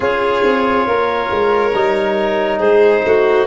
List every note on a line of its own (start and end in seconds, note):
0.00 0.43 C#4
0.00 1.72 F4
0.00 0.86 G#4
0.00 2.60 C#5
0.43 0.86 C4
0.86 1.30 A#3
0.86 2.58 A#4
1.30 1.74 G#3
1.74 2.60 G3
1.74 3.46 D#4
2.58 3.03 G#3
2.58 3.01 G#4
2.58 3.46 C5
3.05 3.46 A3
3.05 3.46 F#4